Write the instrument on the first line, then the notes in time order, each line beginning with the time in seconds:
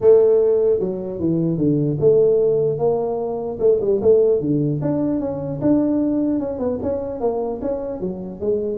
tuba
0.00 A3
0.79 F#3
1.19 E3
1.57 D3
2.00 A3
2.78 A#3
3.59 A3
3.81 G3
4.01 A3
4.40 D3
4.81 D4
5.19 C#4
5.61 D4
6.39 C#4
6.58 B3
6.82 C#4
7.20 A#3
7.61 C#4
8.00 F#3
8.40 G#3